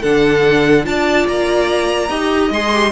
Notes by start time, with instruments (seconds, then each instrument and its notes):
0.00 cello D3, viola D4, violin A4 F#5
0.83 cello D4, viola F4, violin D5 A5
1.27 cello A#3, violin A#5
2.09 cello D#4, viola G4, violin D#5
2.50 cello G#3, viola G#4, violin C6
2.73 viola G4